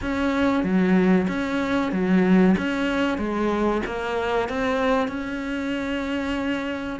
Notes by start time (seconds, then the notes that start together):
0.01 C#4
0.63 F#3
1.28 C#4
1.91 F#3
2.57 C#4
3.17 G#3
3.86 A#3
4.49 C4
5.07 C#4